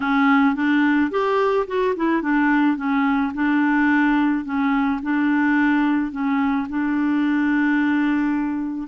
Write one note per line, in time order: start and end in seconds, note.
0.00 0.55 C#4
0.55 1.10 D4
1.10 1.66 G4
1.67 1.94 F#4
1.96 2.22 E4
2.22 2.77 D4
2.77 3.32 C#4
3.34 4.44 D4
4.44 5.00 C#4
5.02 6.11 D4
6.11 6.67 C#4
6.69 8.87 D4